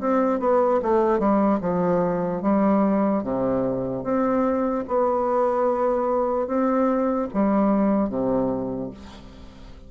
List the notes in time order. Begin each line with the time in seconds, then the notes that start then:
0.00 C4
0.40 B3
0.83 A3
1.19 G3
1.61 F3
2.42 G3
3.23 C3
4.04 C4
4.88 B3
6.47 C4
7.34 G3
8.09 C3